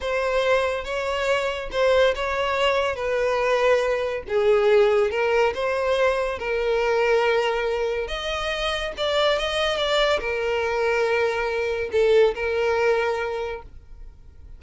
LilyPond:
\new Staff \with { instrumentName = "violin" } { \time 4/4 \tempo 4 = 141 c''2 cis''2 | c''4 cis''2 b'4~ | b'2 gis'2 | ais'4 c''2 ais'4~ |
ais'2. dis''4~ | dis''4 d''4 dis''4 d''4 | ais'1 | a'4 ais'2. | }